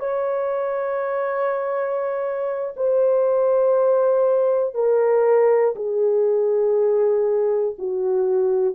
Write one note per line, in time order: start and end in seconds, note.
0.00 2.75 C#5
2.77 4.75 C5
4.75 5.75 A#4
5.76 7.76 G#4
7.79 8.75 F#4